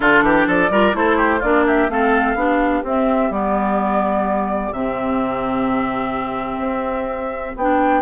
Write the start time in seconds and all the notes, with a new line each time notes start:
0.00 D3 D4 F4 A4
0.22 E3 G4
0.46 F3 A4 D5
0.69 G3 F4 A#4
0.92 A3 E4 A4 C5
1.16 G4
1.39 A#3 D4 F4 D5
1.66 G4 E5
1.89 A3 C4 A4 F5
2.35 B3 D4 G4
2.83 C4 E5
3.30 G3 B3 D5
4.72 C3 C4 E5
6.58 C4
7.56 B3 D4 G5